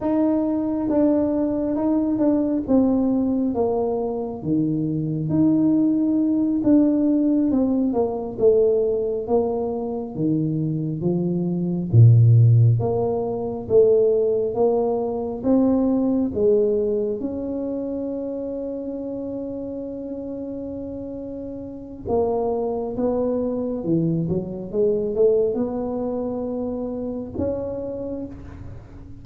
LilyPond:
\new Staff \with { instrumentName = "tuba" } { \time 4/4 \tempo 4 = 68 dis'4 d'4 dis'8 d'8 c'4 | ais4 dis4 dis'4. d'8~ | d'8 c'8 ais8 a4 ais4 dis8~ | dis8 f4 ais,4 ais4 a8~ |
a8 ais4 c'4 gis4 cis'8~ | cis'1~ | cis'4 ais4 b4 e8 fis8 | gis8 a8 b2 cis'4 | }